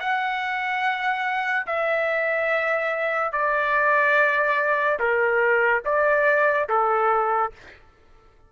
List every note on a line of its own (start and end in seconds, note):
0.00 1.67 F#5
1.67 3.33 E5
3.33 4.99 D5
5.00 5.83 A#4
5.86 6.69 D5
6.69 7.53 A4